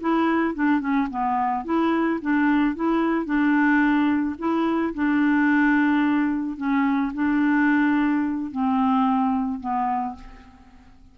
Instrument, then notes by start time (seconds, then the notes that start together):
clarinet
0.00 E4
0.55 D4
0.80 C#4
1.10 B3
1.65 E4
2.21 D4
2.75 E4
3.26 D4
4.39 E4
4.94 D4
6.57 C#4
7.14 D4
8.51 C4
9.60 B3